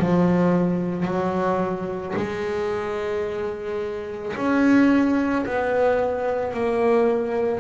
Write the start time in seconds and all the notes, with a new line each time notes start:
0.00 F3
1.06 F#3
2.17 G#3
4.37 C#4
5.46 B3
6.54 A#3